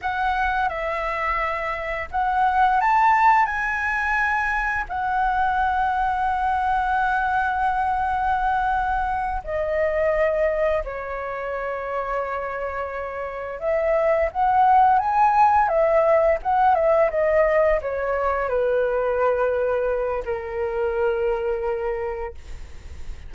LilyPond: \new Staff \with { instrumentName = "flute" } { \time 4/4 \tempo 4 = 86 fis''4 e''2 fis''4 | a''4 gis''2 fis''4~ | fis''1~ | fis''4. dis''2 cis''8~ |
cis''2.~ cis''8 e''8~ | e''8 fis''4 gis''4 e''4 fis''8 | e''8 dis''4 cis''4 b'4.~ | b'4 ais'2. | }